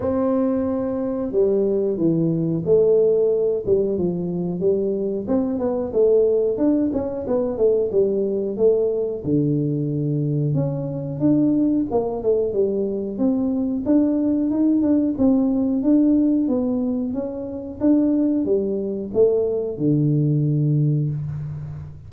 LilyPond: \new Staff \with { instrumentName = "tuba" } { \time 4/4 \tempo 4 = 91 c'2 g4 e4 | a4. g8 f4 g4 | c'8 b8 a4 d'8 cis'8 b8 a8 | g4 a4 d2 |
cis'4 d'4 ais8 a8 g4 | c'4 d'4 dis'8 d'8 c'4 | d'4 b4 cis'4 d'4 | g4 a4 d2 | }